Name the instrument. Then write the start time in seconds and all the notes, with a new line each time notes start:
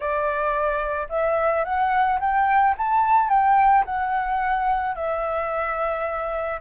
flute
0.00 D5
1.09 E5
1.64 F#5
2.20 G5
2.77 A5
3.29 G5
3.85 F#5
4.95 E5